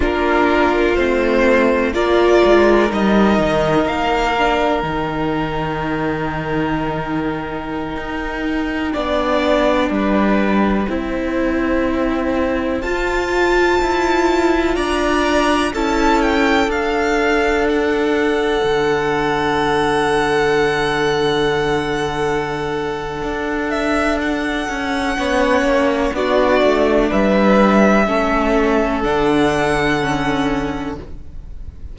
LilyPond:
<<
  \new Staff \with { instrumentName = "violin" } { \time 4/4 \tempo 4 = 62 ais'4 c''4 d''4 dis''4 | f''4 g''2.~ | g''1~ | g''4~ g''16 a''2 ais''8.~ |
ais''16 a''8 g''8 f''4 fis''4.~ fis''16~ | fis''1~ | fis''8 e''8 fis''2 d''4 | e''2 fis''2 | }
  \new Staff \with { instrumentName = "violin" } { \time 4/4 f'2 ais'2~ | ais'1~ | ais'4~ ais'16 d''4 b'4 c''8.~ | c''2.~ c''16 d''8.~ |
d''16 a'2.~ a'8.~ | a'1~ | a'2 cis''4 fis'4 | b'4 a'2. | }
  \new Staff \with { instrumentName = "viola" } { \time 4/4 d'4 c'4 f'4 dis'4~ | dis'8 d'8 dis'2.~ | dis'4~ dis'16 d'2 e'8.~ | e'4~ e'16 f'2~ f'8.~ |
f'16 e'4 d'2~ d'8.~ | d'1~ | d'2 cis'4 d'4~ | d'4 cis'4 d'4 cis'4 | }
  \new Staff \with { instrumentName = "cello" } { \time 4/4 ais4 a4 ais8 gis8 g8 dis8 | ais4 dis2.~ | dis16 dis'4 b4 g4 c'8.~ | c'4~ c'16 f'4 e'4 d'8.~ |
d'16 cis'4 d'2 d8.~ | d1 | d'4. cis'8 b8 ais8 b8 a8 | g4 a4 d2 | }
>>